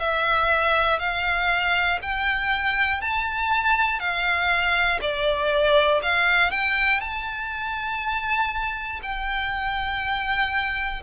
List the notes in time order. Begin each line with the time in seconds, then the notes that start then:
0.00 E5
0.99 F5
2.02 G5
3.01 A5
4.00 F5
5.01 D5
6.02 F5
6.50 G5
7.00 A5
9.02 G5